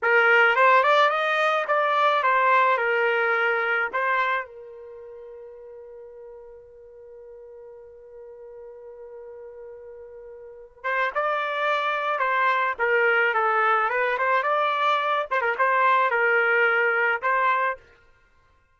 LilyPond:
\new Staff \with { instrumentName = "trumpet" } { \time 4/4 \tempo 4 = 108 ais'4 c''8 d''8 dis''4 d''4 | c''4 ais'2 c''4 | ais'1~ | ais'1~ |
ais'2.~ ais'8 c''8 | d''2 c''4 ais'4 | a'4 b'8 c''8 d''4. c''16 ais'16 | c''4 ais'2 c''4 | }